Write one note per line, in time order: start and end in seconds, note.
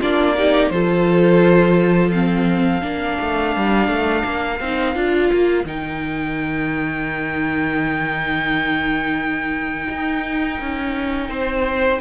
0.00 0.70 A#3
0.00 0.37 D4
0.00 0.35 F4
0.00 0.70 D5
0.37 0.72 D#4
0.37 0.72 G4
0.70 2.82 F3
0.70 2.13 F4
0.70 2.85 A4
0.70 2.11 C5
2.11 2.81 C4
2.11 5.64 F5
2.81 3.18 A#3
2.81 4.58 D4
2.81 11.30 A#4
3.21 3.56 A3
3.56 3.88 G3
3.88 4.23 A3
4.25 4.60 A#3
4.60 4.95 C4
4.60 4.95 D#4
4.95 5.30 D4
4.95 5.65 F4
5.33 5.65 A#3
5.65 9.88 D#3
5.65 12.01 D#4
5.65 12.01 G5
9.89 10.60 D#4
10.60 11.29 C#4
11.29 12.00 C4
11.29 12.01 C5